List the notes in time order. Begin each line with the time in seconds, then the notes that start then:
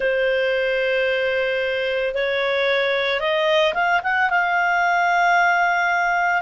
0.00 C5
2.14 C#5
3.19 D#5
3.74 F5
4.03 F#5
4.30 F5